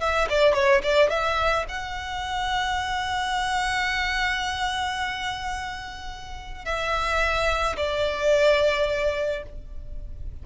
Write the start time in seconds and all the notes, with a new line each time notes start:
0.00 E5
0.29 D5
0.54 C#5
0.83 D5
1.10 E5
1.69 F#5
6.65 E5
7.77 D5